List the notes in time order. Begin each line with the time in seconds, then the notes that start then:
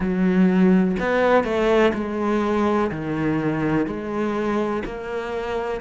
0.00 F#3
0.99 B3
1.44 A3
1.94 G#3
2.91 D#3
3.86 G#3
4.84 A#3